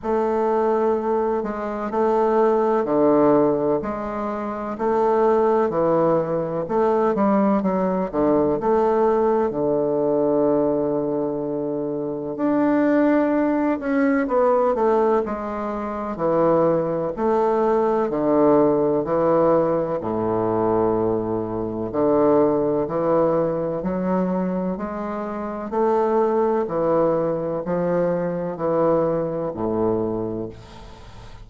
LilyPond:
\new Staff \with { instrumentName = "bassoon" } { \time 4/4 \tempo 4 = 63 a4. gis8 a4 d4 | gis4 a4 e4 a8 g8 | fis8 d8 a4 d2~ | d4 d'4. cis'8 b8 a8 |
gis4 e4 a4 d4 | e4 a,2 d4 | e4 fis4 gis4 a4 | e4 f4 e4 a,4 | }